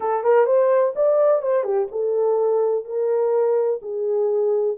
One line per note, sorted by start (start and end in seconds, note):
0.00 0.23 A4
0.23 0.45 A#4
0.45 0.93 C5
0.95 1.42 D5
1.42 1.63 C5
1.63 1.87 G4
1.91 2.84 A4
2.84 3.79 A#4
3.81 4.77 G#4